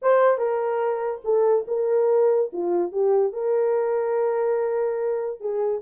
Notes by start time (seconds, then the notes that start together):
0.02 C5
0.37 A#4
1.24 A4
1.67 A#4
2.52 F4
2.91 G4
3.33 A#4
5.40 G#4